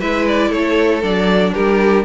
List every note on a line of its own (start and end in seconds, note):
0.00 0.52 G#3
0.00 1.02 E4
0.00 0.49 B4
0.00 0.26 E5
0.28 0.52 D5
0.49 1.03 A3
0.49 1.52 A4
0.49 1.04 C#5
1.02 1.54 F#3
1.02 2.05 D4
1.02 1.54 D5
1.54 2.05 G3
1.54 2.05 G4
1.54 2.05 A#4